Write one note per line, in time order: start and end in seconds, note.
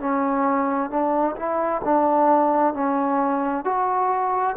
0.00 0.90 C#4
0.90 1.36 D4
1.36 1.82 E4
1.85 2.74 D4
2.74 3.65 C#4
3.65 4.56 F#4